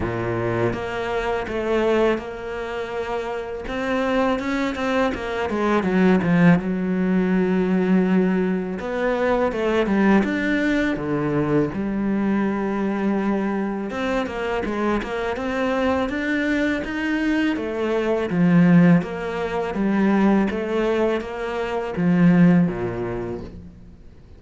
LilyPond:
\new Staff \with { instrumentName = "cello" } { \time 4/4 \tempo 4 = 82 ais,4 ais4 a4 ais4~ | ais4 c'4 cis'8 c'8 ais8 gis8 | fis8 f8 fis2. | b4 a8 g8 d'4 d4 |
g2. c'8 ais8 | gis8 ais8 c'4 d'4 dis'4 | a4 f4 ais4 g4 | a4 ais4 f4 ais,4 | }